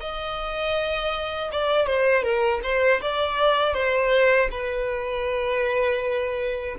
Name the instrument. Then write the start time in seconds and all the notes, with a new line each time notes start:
violin
0.00 D#5
1.52 D5
1.86 C5
2.23 A#4
2.63 C5
3.01 D5
3.73 C5
4.51 B4